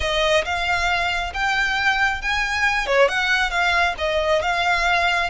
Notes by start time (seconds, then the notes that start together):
0.00 D#5
0.44 F5
1.33 G5
2.21 G#5
2.86 C#5
3.08 F#5
3.50 F5
3.98 D#5
4.42 F5